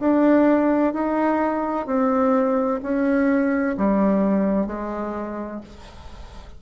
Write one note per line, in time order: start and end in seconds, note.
0.00 0.94 D4
0.94 1.87 D#4
1.87 2.80 C4
2.83 3.77 C#4
3.78 4.67 G3
4.67 5.61 G#3